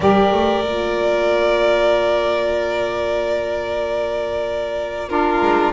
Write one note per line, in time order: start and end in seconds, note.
0.00 0.32 G3
0.00 0.64 G4
0.00 5.09 A#4
0.00 5.09 D5
0.32 0.63 A3
0.64 5.41 A#3
0.64 5.09 F4
5.09 5.72 D4
5.09 5.73 F4
5.09 5.72 A#4
5.41 5.73 G#3